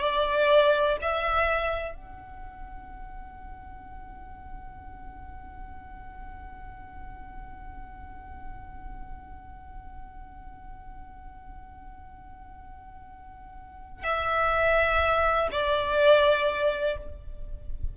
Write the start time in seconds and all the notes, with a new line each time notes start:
0.00 D5
1.01 E5
1.94 F#5
14.03 E5
15.51 D5